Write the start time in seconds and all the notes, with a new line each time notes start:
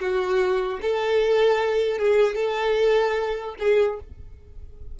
0.00 F#4
0.81 A4
1.98 G#4
2.35 A4
3.59 G#4